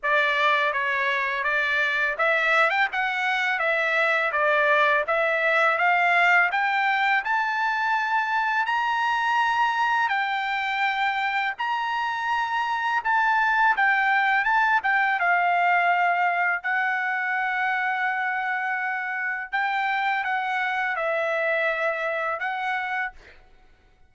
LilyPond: \new Staff \with { instrumentName = "trumpet" } { \time 4/4 \tempo 4 = 83 d''4 cis''4 d''4 e''8. g''16 | fis''4 e''4 d''4 e''4 | f''4 g''4 a''2 | ais''2 g''2 |
ais''2 a''4 g''4 | a''8 g''8 f''2 fis''4~ | fis''2. g''4 | fis''4 e''2 fis''4 | }